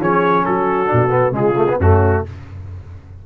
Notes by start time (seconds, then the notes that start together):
0.00 F3 C#4 G#4 C#5
0.45 F#3 F#4 A4
0.86 D4
0.92 B2
1.10 B3
1.31 C#3 G#3 F4 G#4
1.56 A3
1.68 B3
1.77 F#2 A3 C#4 F#4